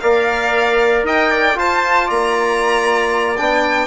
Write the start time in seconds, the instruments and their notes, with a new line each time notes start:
0.00 bassoon A#3, trombone A#4, trumpet D5, violin F5
1.03 bassoon D#4, trumpet D#5, violin G5
1.31 trumpet D5
1.55 trombone F4, bassoon F4, trumpet C5, violin A5
2.06 bassoon A#3, trumpet D5, violin A#5
3.37 bassoon B3, trombone D4, violin G5